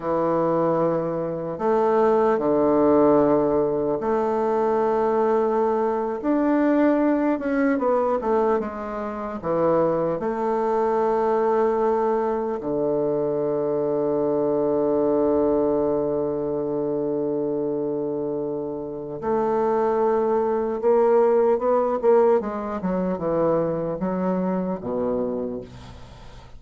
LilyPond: \new Staff \with { instrumentName = "bassoon" } { \time 4/4 \tempo 4 = 75 e2 a4 d4~ | d4 a2~ a8. d'16~ | d'4~ d'16 cis'8 b8 a8 gis4 e16~ | e8. a2. d16~ |
d1~ | d1 | a2 ais4 b8 ais8 | gis8 fis8 e4 fis4 b,4 | }